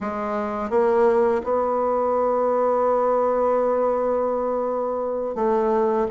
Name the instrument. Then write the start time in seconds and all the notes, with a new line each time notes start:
bassoon
0.00 G#3
0.70 A#3
1.43 B3
5.35 A3